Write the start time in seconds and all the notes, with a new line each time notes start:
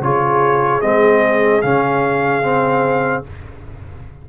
0.00 C#3 F4 G#4 C#5
0.81 G#3 C4 D#5
1.61 C#3 C#4 F5
2.42 C4